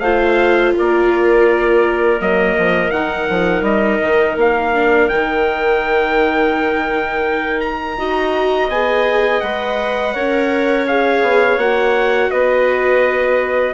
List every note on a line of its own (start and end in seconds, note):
0.00 0.72 A3
0.00 2.19 F4
0.00 0.73 C5
0.00 0.72 F5
0.76 2.21 A#3
0.76 7.98 A#4
0.76 2.21 D5
2.19 2.57 F#3
2.19 2.92 A#3
2.19 2.91 D#5
2.58 2.91 F3
2.91 3.27 D#3
2.91 4.74 D#4
2.91 3.63 F#5
3.29 3.62 F3
3.62 3.98 G3
3.62 4.37 D#5
4.02 4.36 D#3
4.36 5.09 A#3
4.36 5.09 F5
4.74 5.11 D4
5.09 8.00 D#3
5.09 7.98 D#4
5.09 7.61 G5
7.61 8.69 A#5
7.98 8.68 D#4
7.98 8.70 F#4
7.98 10.14 D#5
8.68 9.41 B3
8.68 9.44 G#4
8.68 9.41 G#5
9.41 10.15 G#3
9.41 10.14 B4
9.41 10.85 F#5
10.14 11.22 C#4
10.14 10.87 A#4
10.14 12.31 C#5
10.87 11.59 G#4
10.87 11.59 F5
11.22 11.57 B3
11.57 12.29 A#3
11.57 13.74 F#4
11.57 12.31 F#5
12.31 13.74 B3
12.31 13.74 B4
12.31 13.74 D#5